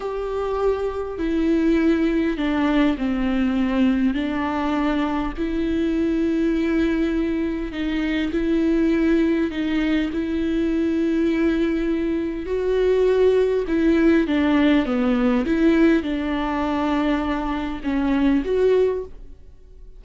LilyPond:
\new Staff \with { instrumentName = "viola" } { \time 4/4 \tempo 4 = 101 g'2 e'2 | d'4 c'2 d'4~ | d'4 e'2.~ | e'4 dis'4 e'2 |
dis'4 e'2.~ | e'4 fis'2 e'4 | d'4 b4 e'4 d'4~ | d'2 cis'4 fis'4 | }